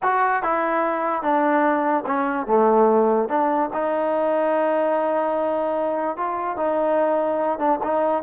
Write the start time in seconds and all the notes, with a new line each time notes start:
0.03 F#4
0.42 E4
1.22 D4
2.06 C#4
2.46 A3
3.28 D4
3.73 D#4
6.16 F4
6.56 D#4
7.58 D4
7.83 D#4